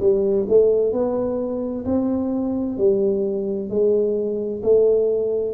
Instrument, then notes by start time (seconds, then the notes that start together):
tuba
0.00 G3
0.48 A3
0.92 B3
1.85 C4
2.77 G3
3.69 G#3
4.63 A3